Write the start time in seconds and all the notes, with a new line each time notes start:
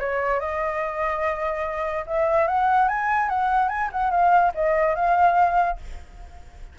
0.00 C#5
0.40 D#5
2.07 E5
2.48 F#5
2.89 G#5
3.30 F#5
3.69 G#5
3.92 F#5
4.11 F5
4.55 D#5
4.95 F5